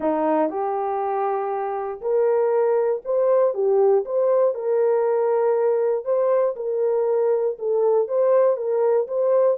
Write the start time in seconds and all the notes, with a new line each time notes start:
0.00 D#4
0.49 G4
2.01 A#4
3.04 C5
3.54 G4
4.05 C5
4.54 A#4
6.04 C5
6.56 A#4
7.58 A4
8.08 C5
8.56 A#4
9.07 C5